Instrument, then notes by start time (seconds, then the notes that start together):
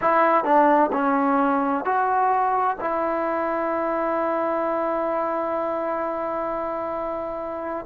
trombone
0.01 E4
0.44 D4
0.92 C#4
1.84 F#4
2.80 E4